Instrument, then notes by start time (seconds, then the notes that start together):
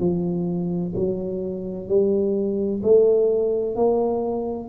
tuba
0.00 F3
0.96 F#3
1.88 G3
2.83 A3
3.76 A#3